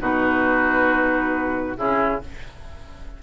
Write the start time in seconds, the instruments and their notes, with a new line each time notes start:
0.00 bassoon B2, clarinet D#4, oboe F#4, flute B4
1.77 bassoon C#3, clarinet C#4, oboe E4, flute G#4